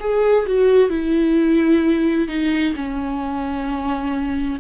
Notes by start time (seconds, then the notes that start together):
0.00 G#4
0.46 F#4
0.90 E4
2.28 D#4
2.76 C#4